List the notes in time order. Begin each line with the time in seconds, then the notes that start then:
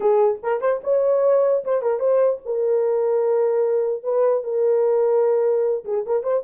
0.00 G#4
0.42 A#4
0.61 C5
0.83 C#5
1.64 C5
1.82 A#4
1.99 C5
2.45 A#4
4.03 B4
4.43 A#4
5.85 G#4
6.06 A#4
6.23 C5